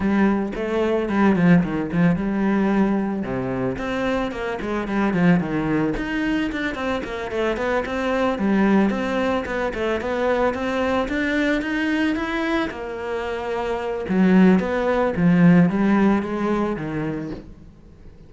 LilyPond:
\new Staff \with { instrumentName = "cello" } { \time 4/4 \tempo 4 = 111 g4 a4 g8 f8 dis8 f8 | g2 c4 c'4 | ais8 gis8 g8 f8 dis4 dis'4 | d'8 c'8 ais8 a8 b8 c'4 g8~ |
g8 c'4 b8 a8 b4 c'8~ | c'8 d'4 dis'4 e'4 ais8~ | ais2 fis4 b4 | f4 g4 gis4 dis4 | }